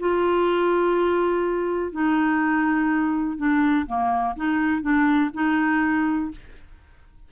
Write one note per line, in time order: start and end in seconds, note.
0.00 1.92 F4
1.92 3.37 D#4
3.37 3.86 D4
3.87 4.36 A#3
4.36 4.82 D#4
4.82 5.31 D4
5.34 6.31 D#4